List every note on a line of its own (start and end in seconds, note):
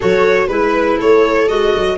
0.00 0.48 F#3
0.00 0.49 F#4
0.00 0.48 A4
0.00 0.47 C#5
0.47 0.97 G#3
0.47 1.48 E4
0.47 0.97 B4
0.97 1.50 A3
0.97 1.97 A4
0.97 1.48 C#5
1.48 1.75 G#3
1.48 1.97 F#4
1.48 1.98 D#5
1.75 1.98 F#3